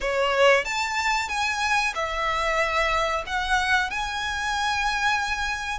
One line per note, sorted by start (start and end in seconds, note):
0.00 0.65 C#5
0.65 1.28 A5
1.28 1.93 G#5
1.94 3.23 E5
3.26 3.90 F#5
3.90 5.79 G#5